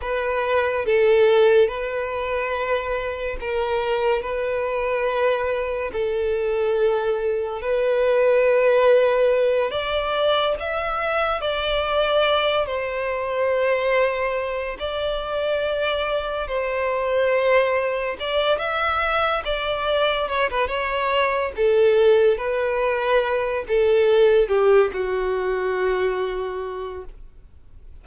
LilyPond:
\new Staff \with { instrumentName = "violin" } { \time 4/4 \tempo 4 = 71 b'4 a'4 b'2 | ais'4 b'2 a'4~ | a'4 b'2~ b'8 d''8~ | d''8 e''4 d''4. c''4~ |
c''4. d''2 c''8~ | c''4. d''8 e''4 d''4 | cis''16 b'16 cis''4 a'4 b'4. | a'4 g'8 fis'2~ fis'8 | }